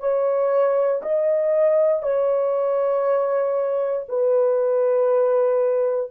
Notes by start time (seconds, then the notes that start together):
0.00 C#5
1.03 D#5
2.03 C#5
4.09 B4